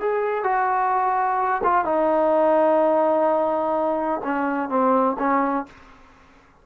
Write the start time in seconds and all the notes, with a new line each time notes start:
0.00 G#4
0.44 F#4
1.64 F4
1.85 D#4
4.24 C#4
4.69 C4
5.19 C#4